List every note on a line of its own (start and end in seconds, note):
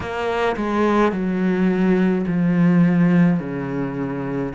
0.00 0.56 A#3
0.56 1.12 G#3
1.12 2.25 F#3
2.26 3.39 F3
3.39 4.52 C#3